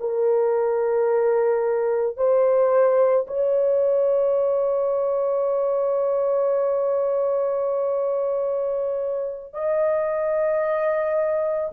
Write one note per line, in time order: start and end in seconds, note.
0.00 2.17 A#4
2.17 3.26 C5
3.27 9.54 C#5
9.54 11.72 D#5